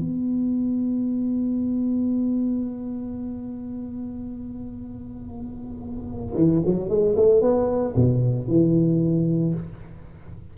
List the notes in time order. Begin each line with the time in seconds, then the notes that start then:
0.00 B3
6.36 E3
6.65 F#3
6.89 G#3
7.17 A3
7.41 B3
7.96 B2
8.48 E3